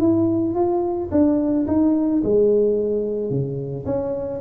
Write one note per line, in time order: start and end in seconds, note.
0.00 0.55 E4
0.55 1.10 F4
1.11 1.66 D4
1.67 2.22 D#4
2.24 3.30 G#3
3.30 3.85 C#3
3.86 4.41 C#4